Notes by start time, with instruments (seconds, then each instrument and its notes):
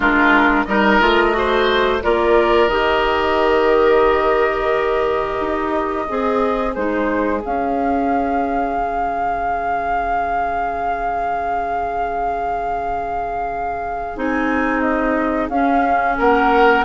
0.00 bassoon G#3, clarinet D4, oboe F4, flute A#4
0.64 bassoon G3, clarinet D#4, oboe A#4, flute D#5
1.01 bassoon A3, clarinet F4
1.32 clarinet F#4, oboe C5
2.02 bassoon A#3, clarinet F4, oboe A#4, flute D5
2.67 bassoon D#3, clarinet G4, flute D#5
5.40 bassoon D#4
6.07 bassoon C4, oboe G#4, clarinet G#4
6.74 bassoon G#3, clarinet D#4, flute C5
7.40 clarinet C#4, bassoon C#4, flute F5
8.77 bassoon C#3
14.15 bassoon C4, clarinet D#4, flute G#5
14.80 flute D#5
15.49 bassoon C#4, clarinet C#4, flute F5
16.18 bassoon A#3, oboe A#4, flute F#5